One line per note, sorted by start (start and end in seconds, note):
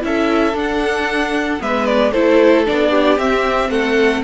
0.00 0.54 C#4
0.00 0.53 E4
0.00 1.62 A4
0.00 0.57 E5
0.54 1.59 D4
0.54 1.62 F#5
1.59 2.13 G#3
1.59 2.12 B3
1.59 2.12 B4
1.59 1.85 E5
1.85 2.12 D5
2.12 2.67 A3
2.12 2.65 E4
2.12 2.90 A4
2.12 2.64 C5
2.65 3.18 B3
2.65 3.18 D4
2.65 3.18 D5
2.90 3.69 G4
3.18 3.70 C4
3.18 4.23 C4
3.18 3.70 E5
3.70 4.22 A3
3.70 4.22 A4
3.70 4.23 F#5